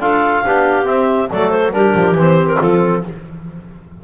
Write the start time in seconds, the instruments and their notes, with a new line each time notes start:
0.00 double bass D4, trombone F4, clarinet A4 F5
0.45 double bass B3, trombone D4, clarinet G4
0.84 trombone C4, double bass C4, clarinet E5
1.30 double bass F#3, trombone A3, clarinet A4 D5
1.50 clarinet C5
1.72 double bass G3, trombone D4, clarinet G4 A#4
1.95 double bass F3
2.15 double bass E3, trombone C4, clarinet C5
2.48 clarinet A#4
2.58 double bass F3, clarinet F4 A4